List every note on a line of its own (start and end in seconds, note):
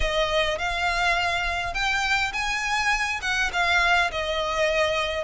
0.00 0.58 D#5
0.58 1.74 F5
1.74 2.32 G5
2.32 3.20 G#5
3.21 3.50 F#5
3.52 4.11 F5
4.11 5.24 D#5